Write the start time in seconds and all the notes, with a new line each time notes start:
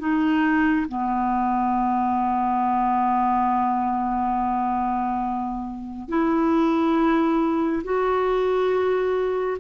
0.00 D#4
0.89 B3
6.09 E4
7.84 F#4